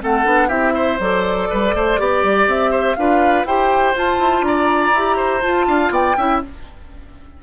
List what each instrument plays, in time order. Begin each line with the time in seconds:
0.00 bassoon A3, clarinet C4, oboe A4, flute F#5
0.25 bassoon B3, clarinet D4
0.48 bassoon C4, clarinet E4, oboe G4, flute E5
0.75 oboe C5
1.00 bassoon F#3, clarinet A4, flute D5
1.50 bassoon G3, oboe B4
1.74 bassoon A3, oboe C5
1.98 bassoon B3, clarinet G4, oboe D5
2.23 bassoon G3
2.47 bassoon C4, flute E5
2.71 oboe C5
2.95 bassoon D4, clarinet F4, oboe B4, flute F5
3.45 bassoon E4, clarinet G4, oboe C5, flute G5
3.95 clarinet F4, bassoon F4, flute A5
4.18 bassoon E4
4.41 bassoon D4, oboe D5, flute A#5
4.93 bassoon E4, clarinet G4
5.17 oboe C5
5.41 clarinet F4, bassoon F4, flute A5
5.68 bassoon D4, oboe F5
5.90 bassoon B3, oboe D5, flute G5
6.17 bassoon C#4, clarinet E4, oboe E5